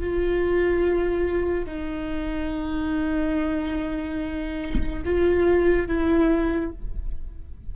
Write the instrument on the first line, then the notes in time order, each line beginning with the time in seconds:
viola
0.00 F4
1.65 D#4
5.05 F4
5.87 E4